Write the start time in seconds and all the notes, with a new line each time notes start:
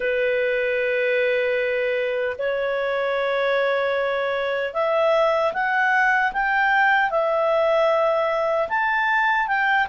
0.00 B4
2.38 C#5
4.73 E5
5.53 F#5
6.32 G5
7.10 E5
8.68 A5
9.47 G5